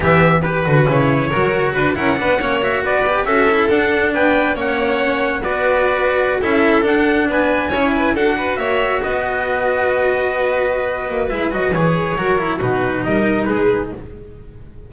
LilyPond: <<
  \new Staff \with { instrumentName = "trumpet" } { \time 4/4 \tempo 4 = 138 e''4 b'4 cis''2 | b'8 fis''4. e''8 d''4 e''8~ | e''8 fis''4 g''4 fis''4.~ | fis''8 d''2~ d''16 e''4 fis''16~ |
fis''8. gis''2 fis''4 e''16~ | e''8. dis''2.~ dis''16~ | dis''2 e''8 dis''8 cis''4~ | cis''4 b'4 dis''4 b'4 | }
  \new Staff \with { instrumentName = "violin" } { \time 4/4 g'4 b'2 ais'4 | b'8 ais'8 b'8 cis''4 b'4 a'8~ | a'4. b'4 cis''4.~ | cis''8 b'2~ b'16 a'4~ a'16~ |
a'8. b'4 cis''8 b'8 a'8 b'8 cis''16~ | cis''8. b'2.~ b'16~ | b'1 | ais'4 fis'4 ais'4 gis'4 | }
  \new Staff \with { instrumentName = "cello" } { \time 4/4 b4 g'8 fis'8 e'4 fis'4~ | fis'8 e'8 d'8 cis'8 fis'4 g'8 fis'8 | e'8 d'2 cis'4.~ | cis'8 fis'2~ fis'16 e'4 d'16~ |
d'4.~ d'16 e'4 fis'4~ fis'16~ | fis'1~ | fis'2 e'8 fis'8 gis'4 | fis'8 e'8 dis'2. | }
  \new Staff \with { instrumentName = "double bass" } { \time 4/4 e4. d8 cis4 fis4 | d'8 cis'8 b8 ais4 b4 cis'8~ | cis'8 d'4 b4 ais4.~ | ais8 b2~ b16 cis'4 d'16~ |
d'8. b4 cis'4 d'4 ais16~ | ais8. b2.~ b16~ | b4. ais8 gis8 fis8 e4 | fis4 b,4 g4 gis4 | }
>>